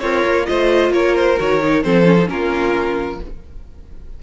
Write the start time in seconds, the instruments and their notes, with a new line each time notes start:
0.00 cello C4, violin F4 C#5, viola A#4
0.25 cello A#3
0.45 cello A3, viola F4, violin C5 D#5
0.91 cello A#3, violin A#4 C#5
1.16 violin C5
1.38 cello D#3, viola F#4, violin C#5
1.61 viola D#4
1.83 cello F3, viola C4, violin A4 C5
2.05 viola C#4
2.18 viola D#4
2.26 cello A#3, viola C#4, violin F4 A#4